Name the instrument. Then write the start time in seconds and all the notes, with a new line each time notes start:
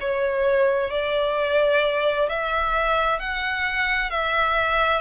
violin
0.00 C#5
0.90 D5
2.29 E5
3.19 F#5
4.10 E5